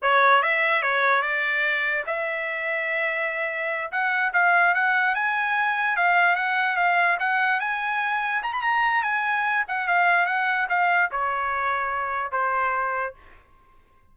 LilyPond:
\new Staff \with { instrumentName = "trumpet" } { \time 4/4 \tempo 4 = 146 cis''4 e''4 cis''4 d''4~ | d''4 e''2.~ | e''4. fis''4 f''4 fis''8~ | fis''8 gis''2 f''4 fis''8~ |
fis''8 f''4 fis''4 gis''4.~ | gis''8 ais''16 b''16 ais''4 gis''4. fis''8 | f''4 fis''4 f''4 cis''4~ | cis''2 c''2 | }